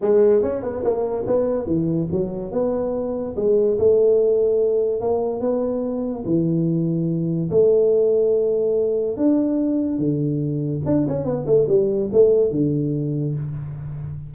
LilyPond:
\new Staff \with { instrumentName = "tuba" } { \time 4/4 \tempo 4 = 144 gis4 cis'8 b8 ais4 b4 | e4 fis4 b2 | gis4 a2. | ais4 b2 e4~ |
e2 a2~ | a2 d'2 | d2 d'8 cis'8 b8 a8 | g4 a4 d2 | }